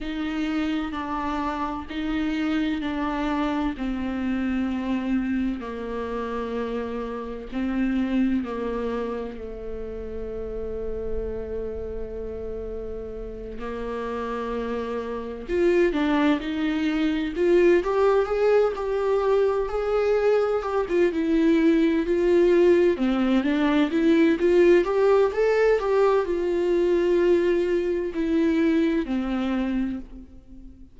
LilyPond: \new Staff \with { instrumentName = "viola" } { \time 4/4 \tempo 4 = 64 dis'4 d'4 dis'4 d'4 | c'2 ais2 | c'4 ais4 a2~ | a2~ a8 ais4.~ |
ais8 f'8 d'8 dis'4 f'8 g'8 gis'8 | g'4 gis'4 g'16 f'16 e'4 f'8~ | f'8 c'8 d'8 e'8 f'8 g'8 a'8 g'8 | f'2 e'4 c'4 | }